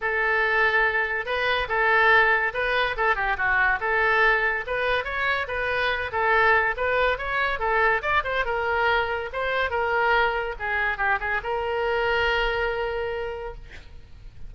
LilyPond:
\new Staff \with { instrumentName = "oboe" } { \time 4/4 \tempo 4 = 142 a'2. b'4 | a'2 b'4 a'8 g'8 | fis'4 a'2 b'4 | cis''4 b'4. a'4. |
b'4 cis''4 a'4 d''8 c''8 | ais'2 c''4 ais'4~ | ais'4 gis'4 g'8 gis'8 ais'4~ | ais'1 | }